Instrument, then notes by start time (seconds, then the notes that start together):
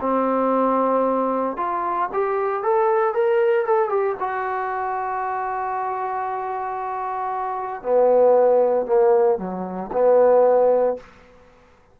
trombone
0.00 C4
1.57 F4
2.13 G4
2.63 A4
3.14 A#4
3.65 A4
3.89 G4
4.19 F#4
7.82 B3
8.86 A#3
9.38 F#3
9.92 B3